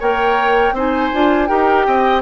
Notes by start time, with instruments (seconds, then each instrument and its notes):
0.00 bassoon A#3, clarinet A#4, oboe C#5, flute G5
0.73 bassoon C4, clarinet D#4, oboe C5, flute G#5
1.13 bassoon D4, clarinet F4
1.47 bassoon D#4, clarinet G4, oboe A#4, flute G5
1.87 bassoon C4, oboe D#5